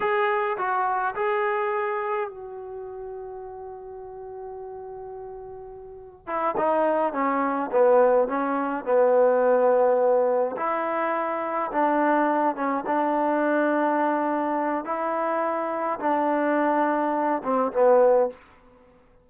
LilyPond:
\new Staff \with { instrumentName = "trombone" } { \time 4/4 \tempo 4 = 105 gis'4 fis'4 gis'2 | fis'1~ | fis'2. e'8 dis'8~ | dis'8 cis'4 b4 cis'4 b8~ |
b2~ b8 e'4.~ | e'8 d'4. cis'8 d'4.~ | d'2 e'2 | d'2~ d'8 c'8 b4 | }